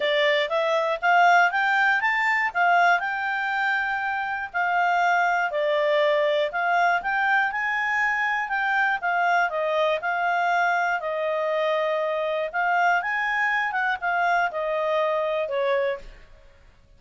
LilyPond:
\new Staff \with { instrumentName = "clarinet" } { \time 4/4 \tempo 4 = 120 d''4 e''4 f''4 g''4 | a''4 f''4 g''2~ | g''4 f''2 d''4~ | d''4 f''4 g''4 gis''4~ |
gis''4 g''4 f''4 dis''4 | f''2 dis''2~ | dis''4 f''4 gis''4. fis''8 | f''4 dis''2 cis''4 | }